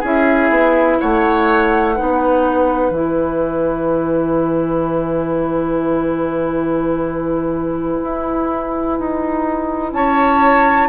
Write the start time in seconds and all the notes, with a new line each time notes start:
0.00 C#4 E4 G#4 E5
0.50 B3
1.00 A3 C#5 F#5
1.96 B3 D#4 B4
2.91 E3 E4 G#5
8.03 E4
9.00 D#4
9.93 C#4 C#5 A5